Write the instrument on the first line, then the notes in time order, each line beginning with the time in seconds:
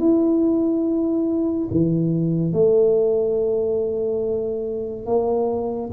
tuba
0.00 E4
1.71 E3
2.54 A3
5.06 A#3